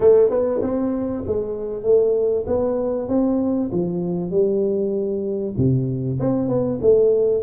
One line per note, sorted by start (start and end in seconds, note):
0.00 0.30 A3
0.30 0.60 B3
0.62 1.24 C4
1.26 1.83 G#3
1.83 2.45 A3
2.47 3.08 B3
3.08 3.70 C4
3.71 4.30 F3
4.30 5.54 G3
5.57 6.19 C3
6.19 6.48 C4
6.48 6.79 B3
6.81 7.43 A3